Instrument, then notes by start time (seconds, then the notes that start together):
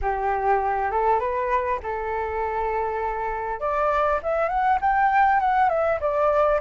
flute
0.01 G4
0.91 A4
1.19 B4
1.82 A4
3.60 D5
4.22 E5
4.48 F#5
4.81 G5
5.40 F#5
5.69 E5
6.00 D5